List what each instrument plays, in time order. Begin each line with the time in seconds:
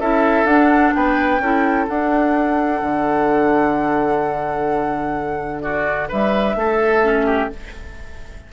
0.00 bassoon C#4, clarinet E4, oboe A4, flute E5
0.45 bassoon D4, clarinet D4, flute F#5
0.94 bassoon B3, oboe B4, flute G5
1.40 bassoon C#4, clarinet E4, oboe A4
1.88 clarinet D4, bassoon D4, flute F#5
2.82 bassoon D3
5.62 oboe F#4, flute D5
6.09 bassoon G3, oboe B4, flute E5
6.55 bassoon A3, oboe A4
7.03 clarinet C#4
7.26 oboe G4